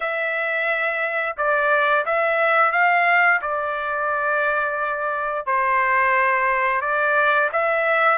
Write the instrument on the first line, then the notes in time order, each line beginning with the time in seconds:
trumpet
0.00 E5
1.37 D5
2.05 E5
2.72 F5
3.41 D5
5.45 C5
6.81 D5
7.52 E5